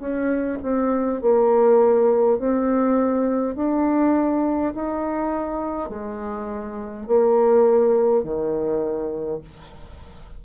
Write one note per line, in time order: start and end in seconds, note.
0.00 0.59 C#4
0.63 1.21 C4
1.21 2.39 A#3
2.39 3.56 C4
3.56 4.73 D4
4.74 5.89 D#4
5.89 7.07 G#3
7.07 8.24 A#3
8.24 9.41 D#3